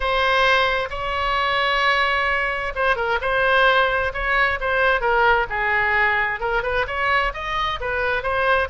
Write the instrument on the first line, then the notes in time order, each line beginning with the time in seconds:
oboe
0.00 C5
0.90 C#5
2.75 C5
2.95 A#4
3.21 C5
4.13 C#5
4.60 C5
5.00 A#4
5.49 G#4
6.39 A#4
6.62 B4
6.87 C#5
7.33 D#5
7.80 B4
8.22 C5